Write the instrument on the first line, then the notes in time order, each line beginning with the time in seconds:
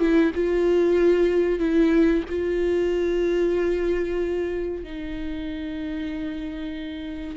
viola
0.00 E4
0.35 F4
1.60 E4
2.29 F4
4.84 D#4